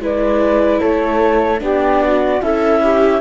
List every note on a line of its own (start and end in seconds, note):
0.00 0.80 G#3
0.00 1.59 E4
0.00 0.80 B4
0.00 0.81 D5
0.80 1.61 A3
0.80 1.60 A4
0.80 1.61 C#5
1.59 2.41 B3
1.59 2.39 D4
1.59 2.03 G4
1.59 2.43 D5
2.03 2.42 F#4
2.42 3.21 C#4
2.42 3.21 E4
2.42 2.82 A4
2.42 3.21 E5
2.84 3.21 G4